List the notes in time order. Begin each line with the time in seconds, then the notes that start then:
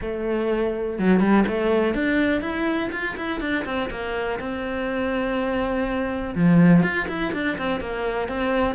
0.01 A3
0.99 F#3
1.20 G3
1.47 A3
1.94 D4
2.41 E4
2.91 F4
3.16 E4
3.40 D4
3.65 C4
3.90 A#3
4.39 C4
6.35 F3
6.82 F4
7.08 E4
7.33 D4
7.58 C4
7.80 A#3
8.28 C4